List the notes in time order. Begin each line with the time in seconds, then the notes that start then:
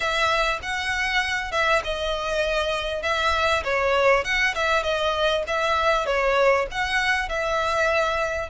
0.00 E5
0.62 F#5
1.51 E5
1.83 D#5
3.02 E5
3.64 C#5
4.24 F#5
4.55 E5
4.83 D#5
5.47 E5
6.06 C#5
6.71 F#5
7.28 E5